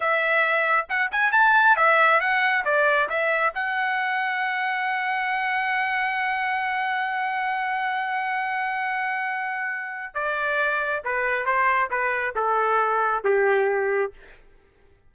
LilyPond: \new Staff \with { instrumentName = "trumpet" } { \time 4/4 \tempo 4 = 136 e''2 fis''8 gis''8 a''4 | e''4 fis''4 d''4 e''4 | fis''1~ | fis''1~ |
fis''1~ | fis''2. d''4~ | d''4 b'4 c''4 b'4 | a'2 g'2 | }